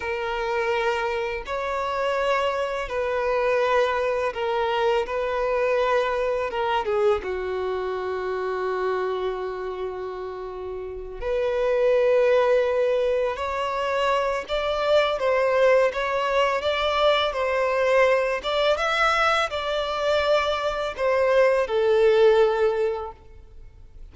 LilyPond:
\new Staff \with { instrumentName = "violin" } { \time 4/4 \tempo 4 = 83 ais'2 cis''2 | b'2 ais'4 b'4~ | b'4 ais'8 gis'8 fis'2~ | fis'2.~ fis'8 b'8~ |
b'2~ b'8 cis''4. | d''4 c''4 cis''4 d''4 | c''4. d''8 e''4 d''4~ | d''4 c''4 a'2 | }